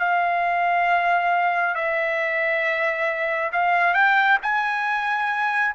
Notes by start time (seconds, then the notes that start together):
0.00 F5
1.75 E5
3.53 F5
3.95 G5
4.43 G#5